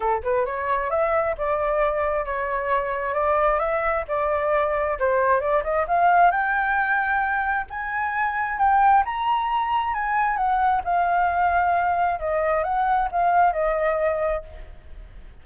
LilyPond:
\new Staff \with { instrumentName = "flute" } { \time 4/4 \tempo 4 = 133 a'8 b'8 cis''4 e''4 d''4~ | d''4 cis''2 d''4 | e''4 d''2 c''4 | d''8 dis''8 f''4 g''2~ |
g''4 gis''2 g''4 | ais''2 gis''4 fis''4 | f''2. dis''4 | fis''4 f''4 dis''2 | }